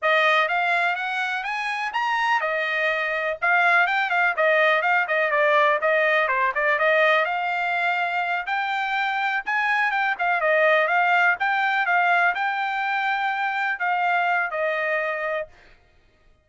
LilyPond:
\new Staff \with { instrumentName = "trumpet" } { \time 4/4 \tempo 4 = 124 dis''4 f''4 fis''4 gis''4 | ais''4 dis''2 f''4 | g''8 f''8 dis''4 f''8 dis''8 d''4 | dis''4 c''8 d''8 dis''4 f''4~ |
f''4. g''2 gis''8~ | gis''8 g''8 f''8 dis''4 f''4 g''8~ | g''8 f''4 g''2~ g''8~ | g''8 f''4. dis''2 | }